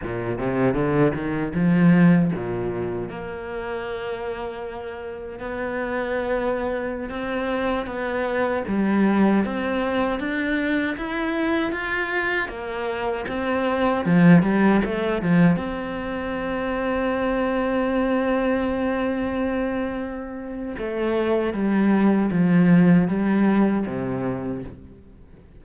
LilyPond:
\new Staff \with { instrumentName = "cello" } { \time 4/4 \tempo 4 = 78 ais,8 c8 d8 dis8 f4 ais,4 | ais2. b4~ | b4~ b16 c'4 b4 g8.~ | g16 c'4 d'4 e'4 f'8.~ |
f'16 ais4 c'4 f8 g8 a8 f16~ | f16 c'2.~ c'8.~ | c'2. a4 | g4 f4 g4 c4 | }